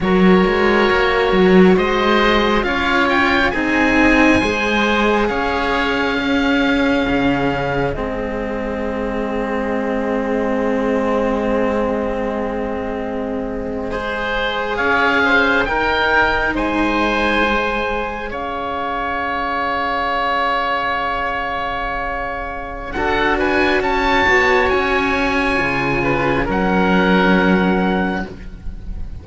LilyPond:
<<
  \new Staff \with { instrumentName = "oboe" } { \time 4/4 \tempo 4 = 68 cis''2 dis''4 f''8 g''8 | gis''2 f''2~ | f''4 dis''2.~ | dis''1~ |
dis''8. f''4 g''4 gis''4~ gis''16~ | gis''8. f''2.~ f''16~ | f''2 fis''8 gis''8 a''4 | gis''2 fis''2 | }
  \new Staff \with { instrumentName = "oboe" } { \time 4/4 ais'2 c''4 cis''4 | gis'4 c''4 cis''4 gis'4~ | gis'1~ | gis'2.~ gis'8. c''16~ |
c''8. cis''8 c''8 ais'4 c''4~ c''16~ | c''8. cis''2.~ cis''16~ | cis''2 a'8 b'8 cis''4~ | cis''4. b'8 ais'2 | }
  \new Staff \with { instrumentName = "cello" } { \time 4/4 fis'2. f'4 | dis'4 gis'2 cis'4~ | cis'4 c'2.~ | c'2.~ c'8. gis'16~ |
gis'4.~ gis'16 dis'2 gis'16~ | gis'1~ | gis'2 fis'2~ | fis'4 f'4 cis'2 | }
  \new Staff \with { instrumentName = "cello" } { \time 4/4 fis8 gis8 ais8 fis8 gis4 cis'4 | c'4 gis4 cis'2 | cis4 gis2.~ | gis1~ |
gis8. cis'4 dis'4 gis4~ gis16~ | gis8. cis'2.~ cis'16~ | cis'2 d'4 cis'8 b8 | cis'4 cis4 fis2 | }
>>